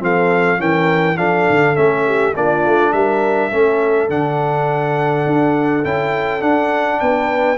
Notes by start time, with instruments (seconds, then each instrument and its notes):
0.00 tuba F3, trombone C4, horn A4, trumpet F5
0.58 tuba E3, trombone C#4, horn A#4, trumpet G5
1.17 tuba F3, trombone D4, horn A4, trumpet F5
1.50 tuba D3
1.76 tuba A3, trombone C#4, trumpet E5
2.07 horn G4
2.36 tuba A#3, trombone D4, horn F4, trumpet D5
2.66 tuba A3
2.93 tuba G3, horn A#4, trumpet E5
3.52 tuba A3, trombone C#4, horn A4
4.09 tuba D3, trombone D4, trumpet F#5
5.27 tuba D4
5.85 tuba C#4, trombone E4, trumpet G5
6.41 trombone D4, tuba D4, trumpet F#5
7.00 tuba B3, horn B4, trumpet G5